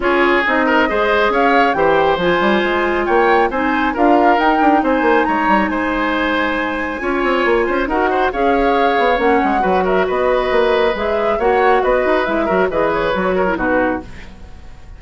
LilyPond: <<
  \new Staff \with { instrumentName = "flute" } { \time 4/4 \tempo 4 = 137 cis''4 dis''2 f''4 | g''4 gis''2 g''4 | gis''4 f''4 g''4 gis''4 | ais''4 gis''2.~ |
gis''2 fis''4 f''4~ | f''4 fis''4. e''8 dis''4~ | dis''4 e''4 fis''4 dis''4 | e''4 dis''8 cis''4. b'4 | }
  \new Staff \with { instrumentName = "oboe" } { \time 4/4 gis'4. ais'8 c''4 cis''4 | c''2. cis''4 | c''4 ais'2 c''4 | cis''4 c''2. |
cis''4. c''8 ais'8 c''8 cis''4~ | cis''2 b'8 ais'8 b'4~ | b'2 cis''4 b'4~ | b'8 ais'8 b'4. ais'8 fis'4 | }
  \new Staff \with { instrumentName = "clarinet" } { \time 4/4 f'4 dis'4 gis'2 | g'4 f'2. | dis'4 f'4 dis'2~ | dis'1 |
f'2 fis'4 gis'4~ | gis'4 cis'4 fis'2~ | fis'4 gis'4 fis'2 | e'8 fis'8 gis'4 fis'8. e'16 dis'4 | }
  \new Staff \with { instrumentName = "bassoon" } { \time 4/4 cis'4 c'4 gis4 cis'4 | e4 f8 g8 gis4 ais4 | c'4 d'4 dis'8 d'8 c'8 ais8 | gis8 g8 gis2. |
cis'8 c'8 ais8 cis'8 dis'4 cis'4~ | cis'8 b8 ais8 gis8 fis4 b4 | ais4 gis4 ais4 b8 dis'8 | gis8 fis8 e4 fis4 b,4 | }
>>